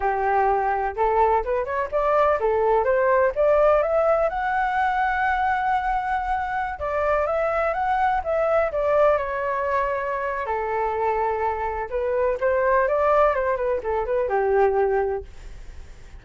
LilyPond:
\new Staff \with { instrumentName = "flute" } { \time 4/4 \tempo 4 = 126 g'2 a'4 b'8 cis''8 | d''4 a'4 c''4 d''4 | e''4 fis''2.~ | fis''2~ fis''16 d''4 e''8.~ |
e''16 fis''4 e''4 d''4 cis''8.~ | cis''2 a'2~ | a'4 b'4 c''4 d''4 | c''8 b'8 a'8 b'8 g'2 | }